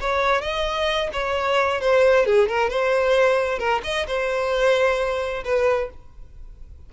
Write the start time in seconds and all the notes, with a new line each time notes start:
0.00 C#5
0.42 D#5
1.13 C#5
1.80 C5
2.25 G#4
2.48 A#4
2.69 C5
3.59 A#4
3.83 D#5
4.07 C5
5.44 B4